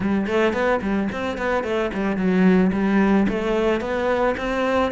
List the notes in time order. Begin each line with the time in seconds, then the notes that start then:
0.00 G3
0.27 A3
0.53 B3
0.81 G3
1.12 C4
1.37 B3
1.63 A3
1.93 G3
2.16 F#3
2.72 G3
3.28 A3
3.80 B3
4.37 C4